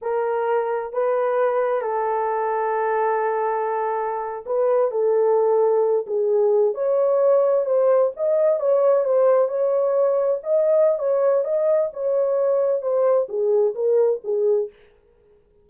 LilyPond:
\new Staff \with { instrumentName = "horn" } { \time 4/4 \tempo 4 = 131 ais'2 b'2 | a'1~ | a'4.~ a'16 b'4 a'4~ a'16~ | a'4~ a'16 gis'4. cis''4~ cis''16~ |
cis''8. c''4 dis''4 cis''4 c''16~ | c''8. cis''2 dis''4~ dis''16 | cis''4 dis''4 cis''2 | c''4 gis'4 ais'4 gis'4 | }